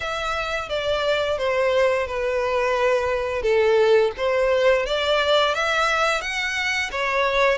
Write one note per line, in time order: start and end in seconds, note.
0.00 0.69 E5
0.69 1.38 D5
1.38 2.07 C5
2.07 3.42 B4
3.42 4.11 A4
4.17 4.86 C5
4.86 5.54 D5
5.54 6.21 E5
6.21 6.90 F#5
6.91 7.58 C#5